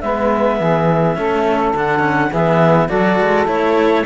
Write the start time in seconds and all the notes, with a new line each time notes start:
0.00 G#3 B3 B4 E5
0.58 E3 G#4
1.16 A3 C#4 A4
1.74 D3 D4 F#5
1.99 C#4
2.29 E3 B3 G#4 E5
2.88 F#3 F#4 A4 D5
3.19 G#3
3.46 A3 E4 C#5